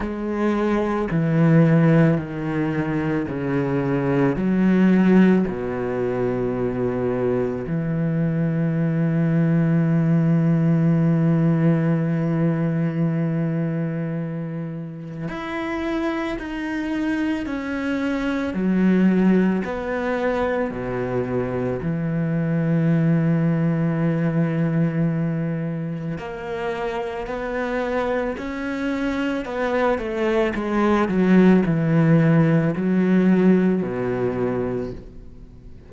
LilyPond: \new Staff \with { instrumentName = "cello" } { \time 4/4 \tempo 4 = 55 gis4 e4 dis4 cis4 | fis4 b,2 e4~ | e1~ | e2 e'4 dis'4 |
cis'4 fis4 b4 b,4 | e1 | ais4 b4 cis'4 b8 a8 | gis8 fis8 e4 fis4 b,4 | }